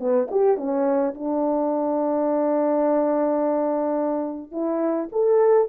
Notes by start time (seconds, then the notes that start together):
0.00 B3
0.31 G4
0.58 C#4
1.15 D4
4.52 E4
5.13 A4